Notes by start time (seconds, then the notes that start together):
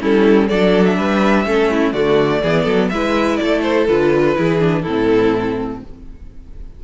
0.00 G3 C#4 E4 A4
0.49 F#3 D4 A4 D5
0.85 E5
0.98 G3 B4
1.45 A3 C#4 A4
1.71 E4
1.93 D3 A3 F#4 D5
2.42 E3 B3 G#4
2.64 F#3 A4
2.90 G#3 E4 B4 E5
3.37 A3 A4 D5
3.63 C5
3.88 D3 F4 B4
4.36 E3 E4 G#4
4.60 D4
4.82 A2 C4 E4 A4